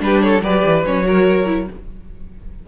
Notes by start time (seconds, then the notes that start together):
0.00 G3 D4 G4 B4
0.22 A4 C#5
0.42 F#3 G4 B4 D5
0.65 E3
0.85 F#3 C#4 C#5
1.04 F#4 A#4
1.46 E4